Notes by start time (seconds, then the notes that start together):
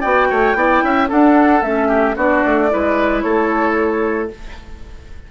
0.00 B3 F#4 D5 G5
0.30 A3 C#5
0.55 B3 E4 D5
0.83 C#4 E5
1.08 D4 A4 F#5
1.61 A3 C#4 E5
1.88 G4
2.16 B3 D4 F#4 D5
2.45 A3
2.69 G#3 E4 B4
3.21 A3 A4 C#5